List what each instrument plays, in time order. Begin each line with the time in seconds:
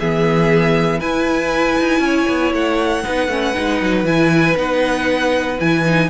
0.00 cello E3, viola B3, violin G#4 E5
0.99 cello E4, viola E4, violin B4 G#5
1.80 cello D#4
2.00 cello C#4
2.06 violin C#5
2.29 cello B3
2.53 cello A3, violin F#5
3.03 cello B3, viola D#4, violin B4
3.28 cello A3, viola C#4
3.54 cello G#3, viola D#4
3.82 cello F#3
4.04 cello E3, viola E4, violin G#5
4.56 cello B3, viola D#4, violin F#5
5.59 cello E3, viola E4, violin G#5
5.85 viola D#4